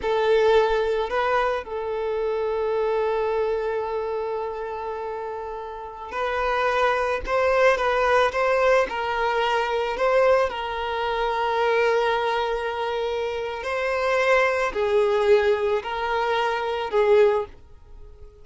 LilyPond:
\new Staff \with { instrumentName = "violin" } { \time 4/4 \tempo 4 = 110 a'2 b'4 a'4~ | a'1~ | a'2.~ a'16 b'8.~ | b'4~ b'16 c''4 b'4 c''8.~ |
c''16 ais'2 c''4 ais'8.~ | ais'1~ | ais'4 c''2 gis'4~ | gis'4 ais'2 gis'4 | }